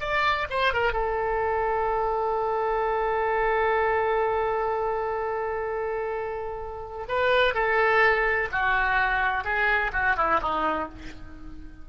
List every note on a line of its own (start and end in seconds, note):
0.00 0.47 D5
0.50 0.73 C5
0.73 0.92 A#4
0.92 7.07 A4
7.08 7.54 B4
7.54 8.48 A4
8.52 9.44 F#4
9.44 9.91 G#4
9.92 10.16 F#4
10.16 10.40 E4
10.42 10.89 D#4